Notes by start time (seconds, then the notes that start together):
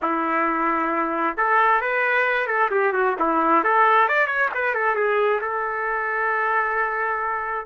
0.01 E4
1.37 A4
1.81 B4
2.46 A4
2.70 G4
2.93 F#4
3.19 E4
3.64 A4
4.08 D5
4.26 C#5
4.54 B4
4.74 A4
4.95 G#4
5.41 A4